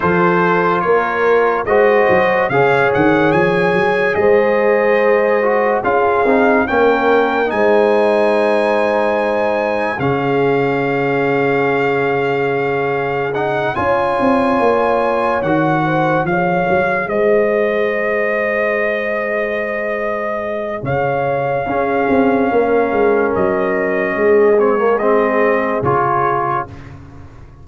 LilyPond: <<
  \new Staff \with { instrumentName = "trumpet" } { \time 4/4 \tempo 4 = 72 c''4 cis''4 dis''4 f''8 fis''8 | gis''4 dis''2 f''4 | g''4 gis''2. | f''1 |
fis''8 gis''2 fis''4 f''8~ | f''8 dis''2.~ dis''8~ | dis''4 f''2. | dis''4. cis''8 dis''4 cis''4 | }
  \new Staff \with { instrumentName = "horn" } { \time 4/4 a'4 ais'4 c''4 cis''4~ | cis''4 c''2 gis'4 | ais'4 c''2. | gis'1~ |
gis'8 cis''2~ cis''8 c''8 cis''8~ | cis''8 c''2.~ c''8~ | c''4 cis''4 gis'4 ais'4~ | ais'4 gis'2. | }
  \new Staff \with { instrumentName = "trombone" } { \time 4/4 f'2 fis'4 gis'4~ | gis'2~ gis'8 fis'8 f'8 dis'8 | cis'4 dis'2. | cis'1 |
dis'8 f'2 fis'4 gis'8~ | gis'1~ | gis'2 cis'2~ | cis'4. c'16 ais16 c'4 f'4 | }
  \new Staff \with { instrumentName = "tuba" } { \time 4/4 f4 ais4 gis8 fis8 cis8 dis8 | f8 fis8 gis2 cis'8 c'8 | ais4 gis2. | cis1~ |
cis8 cis'8 c'8 ais4 dis4 f8 | fis8 gis2.~ gis8~ | gis4 cis4 cis'8 c'8 ais8 gis8 | fis4 gis2 cis4 | }
>>